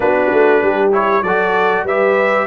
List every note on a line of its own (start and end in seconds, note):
0.00 0.30 B3
0.00 0.91 D4
0.00 0.62 F#4
0.00 0.91 B4
0.32 0.62 A3
0.62 1.22 G3
0.62 1.22 G4
0.91 1.22 E4
0.91 1.23 C#5
1.22 1.84 F#3
1.22 1.88 F#4
1.22 1.84 A4
1.22 1.84 D5
1.84 2.46 G3
1.84 2.47 G4
1.84 2.46 B4
1.84 2.47 E5